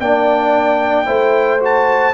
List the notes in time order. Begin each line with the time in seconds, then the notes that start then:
0.00 A#3 D4 D5 G5
1.06 A3 E4 C5
1.60 F#4 A5